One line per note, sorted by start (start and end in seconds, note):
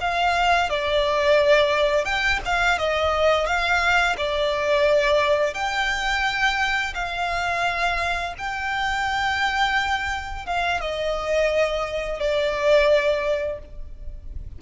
0.00 0.69 F5
0.69 2.04 D5
2.04 2.39 G5
2.45 2.78 F5
2.78 3.46 D#5
3.46 4.16 F5
4.17 5.54 D5
5.54 6.93 G5
6.94 8.34 F5
8.38 10.46 G5
10.46 10.80 F5
10.80 12.19 D#5
12.19 13.59 D5